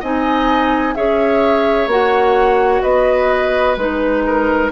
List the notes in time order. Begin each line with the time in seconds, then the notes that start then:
0.00 C4 D#4 D#5 G#5
0.95 C#4 G#4 C#5 E5
1.87 A#3 F#4 F#5
2.82 B3 B4 D#5
3.76 G#3 D#4 B4
4.26 A#4